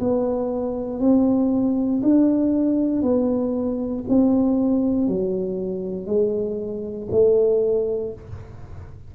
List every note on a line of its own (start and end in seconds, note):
0.00 1.00 B3
1.00 2.02 C4
2.02 3.02 D4
3.02 4.04 B3
4.09 5.08 C4
5.08 6.06 F#3
6.06 7.08 G#3
7.11 8.13 A3